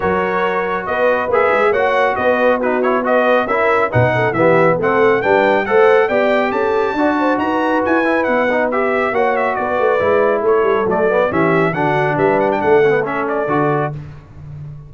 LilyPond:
<<
  \new Staff \with { instrumentName = "trumpet" } { \time 4/4 \tempo 4 = 138 cis''2 dis''4 e''4 | fis''4 dis''4 b'8 cis''8 dis''4 | e''4 fis''4 e''4 fis''4 | g''4 fis''4 g''4 a''4~ |
a''4 ais''4 gis''4 fis''4 | e''4 fis''8 e''8 d''2 | cis''4 d''4 e''4 fis''4 | e''8 fis''16 g''16 fis''4 e''8 d''4. | }
  \new Staff \with { instrumentName = "horn" } { \time 4/4 ais'2 b'2 | cis''4 b'4 fis'4 b'4 | ais'4 b'8 a'8 g'4 a'4 | b'4 c''4 d''4 a'4 |
d''8 c''8 b'2.~ | b'4 cis''4 b'2 | a'2 g'4 fis'4 | b'4 a'2. | }
  \new Staff \with { instrumentName = "trombone" } { \time 4/4 fis'2. gis'4 | fis'2 dis'8 e'8 fis'4 | e'4 dis'4 b4 c'4 | d'4 a'4 g'2 |
fis'2~ fis'8 e'4 dis'8 | g'4 fis'2 e'4~ | e'4 a8 b8 cis'4 d'4~ | d'4. cis'16 b16 cis'4 fis'4 | }
  \new Staff \with { instrumentName = "tuba" } { \time 4/4 fis2 b4 ais8 gis8 | ais4 b2. | cis'4 b,4 e4 a4 | g4 a4 b4 cis'4 |
d'4 dis'4 e'4 b4~ | b4 ais4 b8 a8 gis4 | a8 g8 fis4 e4 d4 | g4 a2 d4 | }
>>